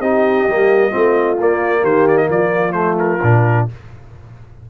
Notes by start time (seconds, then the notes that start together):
0.00 C4 D#4 G4 D#5
0.48 G3 A#3
0.90 A3 C4 F4
1.39 A#3 D5
1.82 D#3 G4 C5
2.08 D5
2.18 D#5
2.29 F3 F4 D5
2.72 A3 C5
2.99 A#4
3.23 A#2 D4